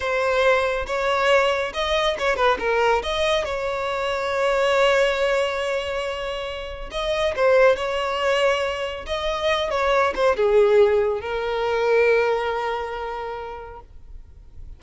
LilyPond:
\new Staff \with { instrumentName = "violin" } { \time 4/4 \tempo 4 = 139 c''2 cis''2 | dis''4 cis''8 b'8 ais'4 dis''4 | cis''1~ | cis''1 |
dis''4 c''4 cis''2~ | cis''4 dis''4. cis''4 c''8 | gis'2 ais'2~ | ais'1 | }